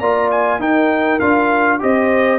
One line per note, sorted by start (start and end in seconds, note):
0.00 0.59 A#3
0.00 0.60 F4
0.00 0.60 D5
0.00 0.30 A#5
0.31 0.61 G#5
0.59 1.19 D#4
0.59 1.20 D#4
0.59 1.80 A#4
0.59 1.20 G5
1.20 1.81 D4
1.20 1.80 F4
1.20 1.80 F5
1.80 2.40 C4
1.80 2.40 G4
1.80 2.40 C5
1.80 2.40 D#5